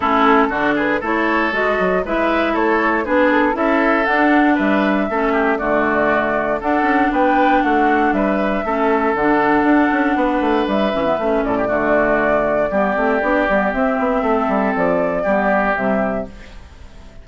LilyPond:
<<
  \new Staff \with { instrumentName = "flute" } { \time 4/4 \tempo 4 = 118 a'4. b'8 cis''4 dis''4 | e''4 cis''4 b'8 a'8 e''4 | fis''4 e''2 d''4~ | d''4 fis''4 g''4 fis''4 |
e''2 fis''2~ | fis''4 e''4. d''4.~ | d''2. e''4~ | e''4 d''2 e''4 | }
  \new Staff \with { instrumentName = "oboe" } { \time 4/4 e'4 fis'8 gis'8 a'2 | b'4 a'4 gis'4 a'4~ | a'4 b'4 a'8 g'8 fis'4~ | fis'4 a'4 b'4 fis'4 |
b'4 a'2. | b'2~ b'8 a'16 g'16 fis'4~ | fis'4 g'2. | a'2 g'2 | }
  \new Staff \with { instrumentName = "clarinet" } { \time 4/4 cis'4 d'4 e'4 fis'4 | e'2 d'4 e'4 | d'2 cis'4 a4~ | a4 d'2.~ |
d'4 cis'4 d'2~ | d'4. cis'16 b16 cis'4 a4~ | a4 b8 c'8 d'8 b8 c'4~ | c'2 b4 g4 | }
  \new Staff \with { instrumentName = "bassoon" } { \time 4/4 a4 d4 a4 gis8 fis8 | gis4 a4 b4 cis'4 | d'4 g4 a4 d4~ | d4 d'8 cis'8 b4 a4 |
g4 a4 d4 d'8 cis'8 | b8 a8 g8 e8 a8 a,8 d4~ | d4 g8 a8 b8 g8 c'8 b8 | a8 g8 f4 g4 c4 | }
>>